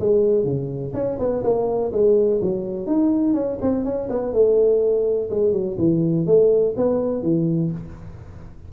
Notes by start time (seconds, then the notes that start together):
0.00 G#3
0.44 C#3
0.94 C#4
1.19 B3
1.44 A#3
1.92 G#3
2.42 F#3
2.87 D#4
3.34 C#4
3.62 C4
3.85 C#4
4.10 B3
4.33 A3
5.30 G#3
5.52 F#3
5.78 E3
6.27 A3
6.77 B3
7.23 E3